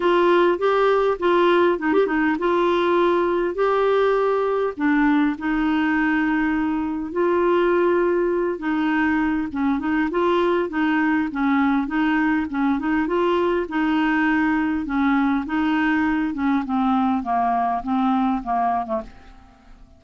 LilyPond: \new Staff \with { instrumentName = "clarinet" } { \time 4/4 \tempo 4 = 101 f'4 g'4 f'4 dis'16 g'16 dis'8 | f'2 g'2 | d'4 dis'2. | f'2~ f'8 dis'4. |
cis'8 dis'8 f'4 dis'4 cis'4 | dis'4 cis'8 dis'8 f'4 dis'4~ | dis'4 cis'4 dis'4. cis'8 | c'4 ais4 c'4 ais8. a16 | }